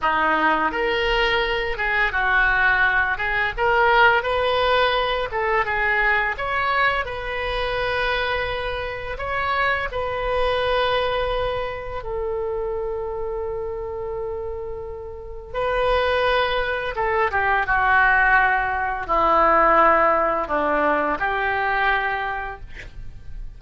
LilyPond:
\new Staff \with { instrumentName = "oboe" } { \time 4/4 \tempo 4 = 85 dis'4 ais'4. gis'8 fis'4~ | fis'8 gis'8 ais'4 b'4. a'8 | gis'4 cis''4 b'2~ | b'4 cis''4 b'2~ |
b'4 a'2.~ | a'2 b'2 | a'8 g'8 fis'2 e'4~ | e'4 d'4 g'2 | }